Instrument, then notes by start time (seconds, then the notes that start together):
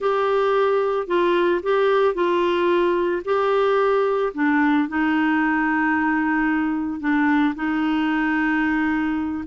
clarinet
0.00 G4
1.07 F4
1.62 G4
2.14 F4
3.24 G4
4.34 D4
4.88 D#4
7.00 D4
7.55 D#4